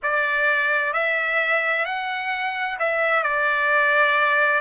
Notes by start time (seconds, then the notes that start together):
0.03 D5
0.93 E5
1.85 F#5
2.79 E5
3.23 D5